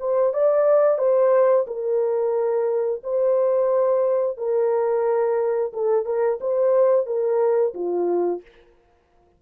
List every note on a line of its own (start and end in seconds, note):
0.00 0.34 C5
0.34 0.98 D5
0.98 1.66 C5
1.67 3.02 A#4
3.04 4.38 C5
4.38 5.72 A#4
5.73 6.06 A4
6.06 6.39 A#4
6.40 7.06 C5
7.06 7.74 A#4
7.74 8.42 F4